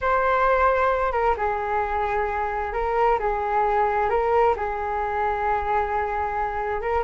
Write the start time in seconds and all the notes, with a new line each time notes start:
0.01 C5
1.12 A#4
1.37 G#4
2.73 A#4
3.19 G#4
4.09 A#4
4.56 G#4
6.81 A#4